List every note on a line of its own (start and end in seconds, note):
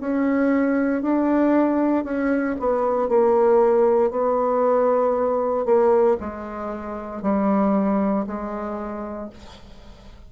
0.00 1.02 C#4
1.02 2.04 D4
2.04 2.56 C#4
2.60 3.08 B3
3.08 4.11 A#3
4.11 5.65 B3
5.65 6.17 A#3
6.20 7.22 G#3
7.22 8.26 G3
8.26 9.30 G#3